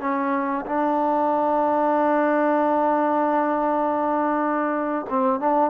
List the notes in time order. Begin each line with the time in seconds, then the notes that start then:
0.00 C#4
0.66 D4
5.10 C4
5.40 D4